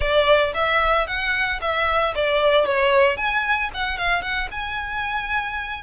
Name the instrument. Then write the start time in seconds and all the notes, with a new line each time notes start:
violin
0.00 D5
0.53 E5
1.06 F#5
1.61 E5
2.15 D5
2.65 C#5
3.16 G#5
3.74 F#5
3.97 F5
4.22 F#5
4.51 G#5